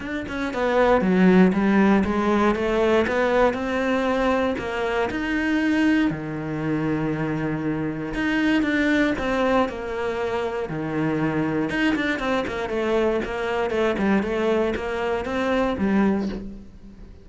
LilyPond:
\new Staff \with { instrumentName = "cello" } { \time 4/4 \tempo 4 = 118 d'8 cis'8 b4 fis4 g4 | gis4 a4 b4 c'4~ | c'4 ais4 dis'2 | dis1 |
dis'4 d'4 c'4 ais4~ | ais4 dis2 dis'8 d'8 | c'8 ais8 a4 ais4 a8 g8 | a4 ais4 c'4 g4 | }